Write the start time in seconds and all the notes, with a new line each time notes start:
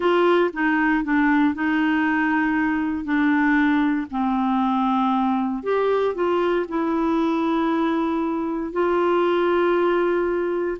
0.00 F4
0.53 D#4
1.03 D4
1.54 D#4
3.04 D4
4.10 C4
5.63 G4
6.14 F4
6.68 E4
8.72 F4